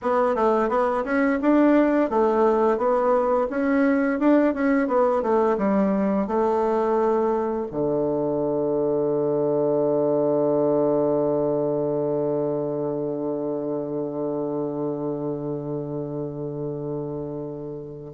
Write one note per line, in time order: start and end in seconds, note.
0.02 0.35 B3
0.35 0.69 A3
0.69 1.04 B3
1.04 1.39 C#4
1.41 2.10 D4
2.10 2.77 A3
2.77 3.47 B3
3.50 4.19 C#4
4.19 4.54 D4
4.54 4.87 C#4
4.87 5.22 B3
5.22 5.57 A3
5.57 6.27 G3
6.27 7.66 A3
7.71 18.13 D3